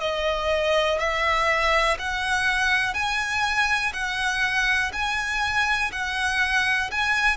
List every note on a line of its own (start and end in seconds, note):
0.00 0.98 D#5
0.99 1.97 E5
1.99 2.94 F#5
2.94 3.92 G#5
3.93 4.91 F#5
4.93 5.91 G#5
5.92 6.90 F#5
6.91 7.37 G#5